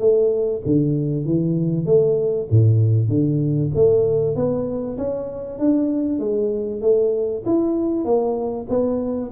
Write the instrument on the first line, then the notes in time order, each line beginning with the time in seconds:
tuba
0.00 A3
0.66 D3
1.25 E3
1.86 A3
2.51 A2
3.09 D3
3.75 A3
4.36 B3
4.98 C#4
5.59 D4
6.19 G#3
6.82 A3
7.46 E4
8.05 A#3
8.69 B3